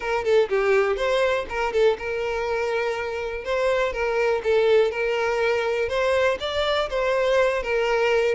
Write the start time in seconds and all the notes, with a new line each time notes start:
0.00 A#4
0.24 A4
0.49 G4
0.96 C5
1.49 A#4
1.72 A4
1.98 A#4
3.44 C5
3.92 A#4
4.43 A4
4.91 A#4
5.89 C5
6.40 D5
6.89 C5
7.62 A#4